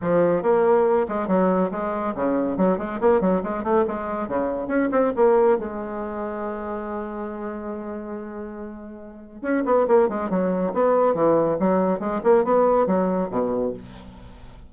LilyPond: \new Staff \with { instrumentName = "bassoon" } { \time 4/4 \tempo 4 = 140 f4 ais4. gis8 fis4 | gis4 cis4 fis8 gis8 ais8 fis8 | gis8 a8 gis4 cis4 cis'8 c'8 | ais4 gis2.~ |
gis1~ | gis2 cis'8 b8 ais8 gis8 | fis4 b4 e4 fis4 | gis8 ais8 b4 fis4 b,4 | }